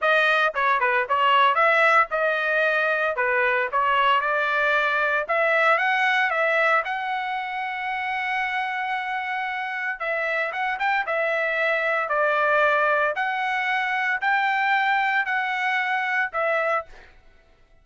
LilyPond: \new Staff \with { instrumentName = "trumpet" } { \time 4/4 \tempo 4 = 114 dis''4 cis''8 b'8 cis''4 e''4 | dis''2 b'4 cis''4 | d''2 e''4 fis''4 | e''4 fis''2.~ |
fis''2. e''4 | fis''8 g''8 e''2 d''4~ | d''4 fis''2 g''4~ | g''4 fis''2 e''4 | }